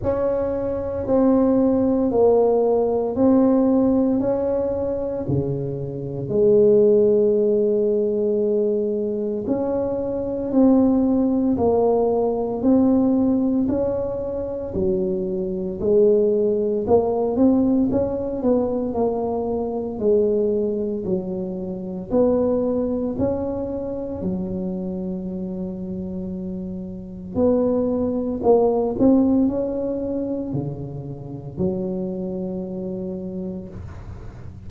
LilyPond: \new Staff \with { instrumentName = "tuba" } { \time 4/4 \tempo 4 = 57 cis'4 c'4 ais4 c'4 | cis'4 cis4 gis2~ | gis4 cis'4 c'4 ais4 | c'4 cis'4 fis4 gis4 |
ais8 c'8 cis'8 b8 ais4 gis4 | fis4 b4 cis'4 fis4~ | fis2 b4 ais8 c'8 | cis'4 cis4 fis2 | }